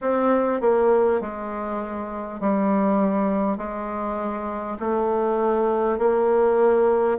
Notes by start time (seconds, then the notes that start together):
0.01 C4
0.60 A#3
1.20 G#3
2.40 G3
3.57 G#3
4.79 A3
5.98 A#3